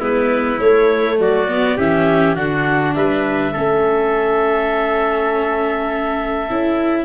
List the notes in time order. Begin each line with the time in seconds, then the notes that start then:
0.00 G#3 B3 E4 B4
0.60 A3 C#5
1.19 F#3 F#4 D5
1.49 B3
1.77 E3 C#4 G4 E5
2.36 D3 D4 F#4 F#5
2.95 G3 B4 E5
3.53 A3 C#4 A4
6.50 C#4 E4